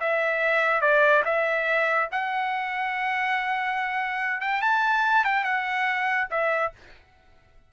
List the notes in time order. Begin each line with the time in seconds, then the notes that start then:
0.00 E5
0.81 D5
1.25 E5
2.12 F#5
4.41 G5
4.62 A5
5.24 G5
5.44 F#5
6.30 E5